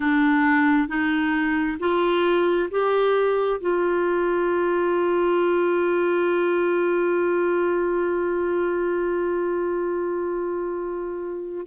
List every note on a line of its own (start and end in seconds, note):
0.00 0.88 D4
0.88 1.77 D#4
1.79 2.69 F4
2.71 3.60 G4
3.60 11.66 F4